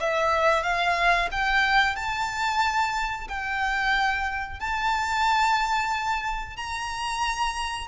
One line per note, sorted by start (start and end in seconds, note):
0.00 0.63 E5
0.63 1.29 F5
1.31 1.96 G5
1.96 3.28 A5
3.28 4.60 G5
4.60 6.57 A5
6.57 7.88 A#5